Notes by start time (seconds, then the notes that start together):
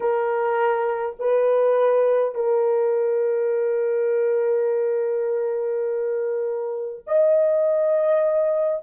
0.00 A#4
1.19 B4
2.34 A#4
7.06 D#5